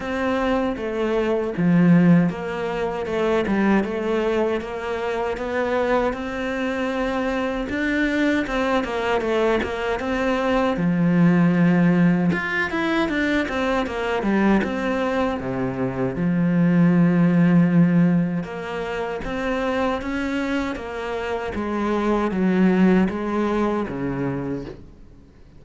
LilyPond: \new Staff \with { instrumentName = "cello" } { \time 4/4 \tempo 4 = 78 c'4 a4 f4 ais4 | a8 g8 a4 ais4 b4 | c'2 d'4 c'8 ais8 | a8 ais8 c'4 f2 |
f'8 e'8 d'8 c'8 ais8 g8 c'4 | c4 f2. | ais4 c'4 cis'4 ais4 | gis4 fis4 gis4 cis4 | }